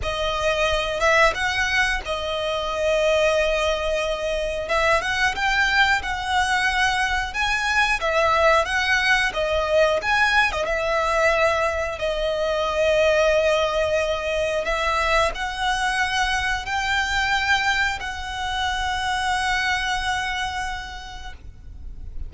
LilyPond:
\new Staff \with { instrumentName = "violin" } { \time 4/4 \tempo 4 = 90 dis''4. e''8 fis''4 dis''4~ | dis''2. e''8 fis''8 | g''4 fis''2 gis''4 | e''4 fis''4 dis''4 gis''8. dis''16 |
e''2 dis''2~ | dis''2 e''4 fis''4~ | fis''4 g''2 fis''4~ | fis''1 | }